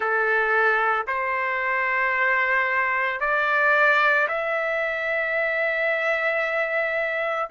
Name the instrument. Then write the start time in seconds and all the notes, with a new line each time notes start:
trumpet
0.00 A4
1.07 C5
3.20 D5
4.28 E5